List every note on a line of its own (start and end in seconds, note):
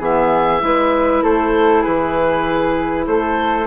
0.00 0.62 E3
0.00 0.60 B3
0.00 0.61 G#4
0.00 1.24 E5
0.60 1.23 G#3
0.60 3.66 E4
0.60 1.23 B4
1.23 1.85 A3
1.23 1.82 A4
1.23 1.84 C5
1.82 3.07 E3
1.82 3.05 G#4
1.82 3.06 B4
3.07 3.67 A3
3.07 3.67 A4
3.07 3.67 C5